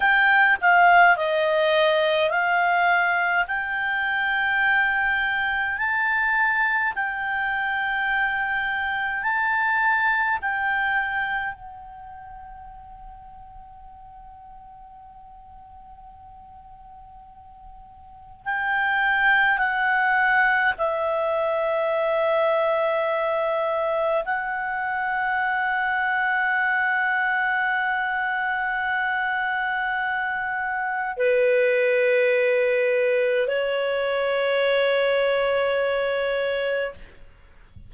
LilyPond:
\new Staff \with { instrumentName = "clarinet" } { \time 4/4 \tempo 4 = 52 g''8 f''8 dis''4 f''4 g''4~ | g''4 a''4 g''2 | a''4 g''4 fis''2~ | fis''1 |
g''4 fis''4 e''2~ | e''4 fis''2.~ | fis''2. b'4~ | b'4 cis''2. | }